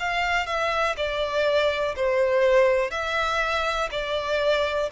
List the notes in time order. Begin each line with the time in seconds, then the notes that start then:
0.00 F5
0.47 E5
0.97 D5
1.96 C5
2.91 E5
3.92 D5